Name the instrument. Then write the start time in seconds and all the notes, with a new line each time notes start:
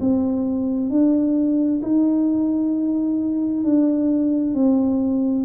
tuba
0.00 C4
0.90 D4
1.82 D#4
3.64 D4
4.54 C4